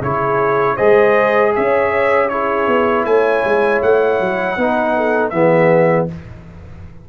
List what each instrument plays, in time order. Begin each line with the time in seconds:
0.00 tuba C#3, trombone E4, horn G#4, trumpet C#5
0.75 tuba G#3, trombone G#4, horn C5, trumpet D#5
1.54 tuba C#4, horn C#5, trumpet E5
2.28 trombone E4, horn G#4, trumpet C#5
2.67 tuba B3
3.05 tuba A3, horn C#5, trumpet G#5
3.44 tuba G#3
3.82 tuba A3, trumpet F#5
4.20 tuba F#3
4.56 tuba B3, trombone D#4, horn B4
4.96 horn A4
5.29 tuba E3, trombone B3, horn G#4, trumpet E5